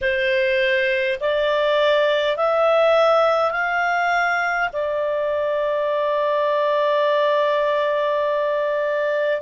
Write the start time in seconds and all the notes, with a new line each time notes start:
0.01 C5
1.20 D5
2.36 E5
3.51 F5
4.73 D5